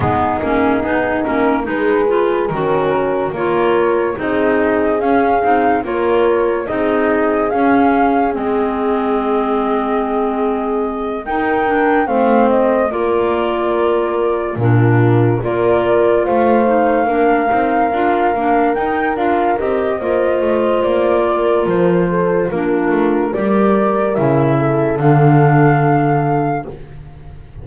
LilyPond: <<
  \new Staff \with { instrumentName = "flute" } { \time 4/4 \tempo 4 = 72 gis'4. ais'8 b'4 ais'4 | cis''4 dis''4 f''4 cis''4 | dis''4 f''4 dis''2~ | dis''4. g''4 f''8 dis''8 d''8~ |
d''4. ais'4 d''4 f''8~ | f''2~ f''8 g''8 f''8 dis''8~ | dis''4 d''4 c''4 ais'4 | d''4 e''4 f''2 | }
  \new Staff \with { instrumentName = "horn" } { \time 4/4 dis'2 gis'4 cis'4 | ais'4 gis'2 ais'4 | gis'1~ | gis'4. ais'4 c''4 ais'8~ |
ais'4. f'4 ais'4 c''8~ | c''8 ais'2.~ ais'8 | c''4. ais'4 a'8 f'4 | ais'4. a'2~ a'8 | }
  \new Staff \with { instrumentName = "clarinet" } { \time 4/4 b8 cis'8 dis'8 cis'8 dis'8 f'8 fis'4 | f'4 dis'4 cis'8 dis'8 f'4 | dis'4 cis'4 c'2~ | c'4. dis'8 d'8 c'4 f'8~ |
f'4. d'4 f'4. | dis'8 d'8 dis'8 f'8 d'8 dis'8 f'8 g'8 | f'2. d'4 | g'4 e'4 d'2 | }
  \new Staff \with { instrumentName = "double bass" } { \time 4/4 gis8 ais8 b8 ais8 gis4 dis4 | ais4 c'4 cis'8 c'8 ais4 | c'4 cis'4 gis2~ | gis4. dis'4 a4 ais8~ |
ais4. ais,4 ais4 a8~ | a8 ais8 c'8 d'8 ais8 dis'8 d'8 c'8 | ais8 a8 ais4 f4 ais8 a8 | g4 cis4 d2 | }
>>